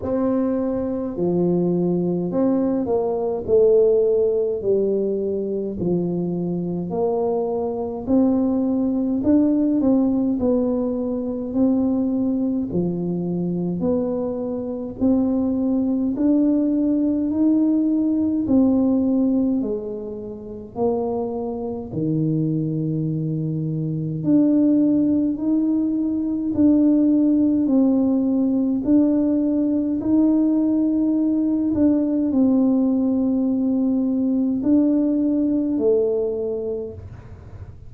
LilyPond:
\new Staff \with { instrumentName = "tuba" } { \time 4/4 \tempo 4 = 52 c'4 f4 c'8 ais8 a4 | g4 f4 ais4 c'4 | d'8 c'8 b4 c'4 f4 | b4 c'4 d'4 dis'4 |
c'4 gis4 ais4 dis4~ | dis4 d'4 dis'4 d'4 | c'4 d'4 dis'4. d'8 | c'2 d'4 a4 | }